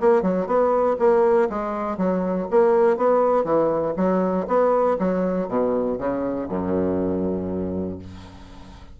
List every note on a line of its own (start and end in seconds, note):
0.00 0.22 A#3
0.22 0.47 F#3
0.47 0.97 B3
0.99 1.49 A#3
1.50 1.97 G#3
1.97 2.48 F#3
2.51 2.97 A#3
2.97 3.44 B3
3.44 3.94 E3
3.97 4.47 F#3
4.47 4.97 B3
4.99 5.48 F#3
5.48 5.98 B2
5.98 6.48 C#3
6.49 7.99 F#2